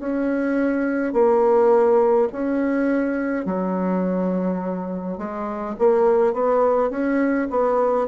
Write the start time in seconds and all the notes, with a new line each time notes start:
0.00 C#4
1.13 A#3
2.32 C#4
3.46 F#3
5.18 G#3
5.79 A#3
6.34 B3
6.90 C#4
7.50 B3